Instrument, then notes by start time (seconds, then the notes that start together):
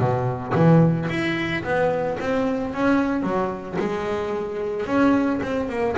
double bass
0.00 B2
0.55 E3
1.10 E4
1.64 B3
2.21 C4
2.74 C#4
3.24 F#3
3.79 G#3
4.87 C#4
5.43 C4
5.70 A#3